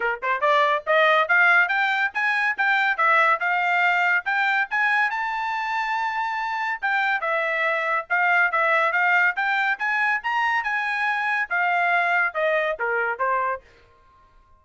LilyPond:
\new Staff \with { instrumentName = "trumpet" } { \time 4/4 \tempo 4 = 141 ais'8 c''8 d''4 dis''4 f''4 | g''4 gis''4 g''4 e''4 | f''2 g''4 gis''4 | a''1 |
g''4 e''2 f''4 | e''4 f''4 g''4 gis''4 | ais''4 gis''2 f''4~ | f''4 dis''4 ais'4 c''4 | }